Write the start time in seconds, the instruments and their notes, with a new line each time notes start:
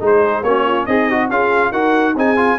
0.00 tuba G#3, trombone D#4, horn G#4
0.06 trumpet C5
0.43 tuba A#3, trombone C#4, horn F#4, trumpet C#5
0.65 horn F4
0.86 tuba C4, horn D#4, trombone G#4, trumpet D#5
1.11 trombone F#4
1.29 tuba C#4, trombone F4, horn G#4, trumpet F5
1.72 tuba D#4, trombone F#4, horn A#4, trumpet F#5
2.16 tuba C4, trombone D#4, horn G#4, trumpet G#5
2.37 trombone F4